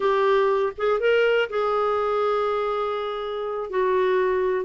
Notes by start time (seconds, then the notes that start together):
0.00 G4
0.77 G#4
1.00 A#4
1.49 G#4
3.70 F#4